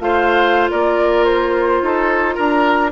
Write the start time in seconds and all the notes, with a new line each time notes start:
0.00 A3 F4 C5 F5
0.71 A#3 A#4 D5
1.25 C5
1.82 D#4 A4
2.35 D4 A#4 A#5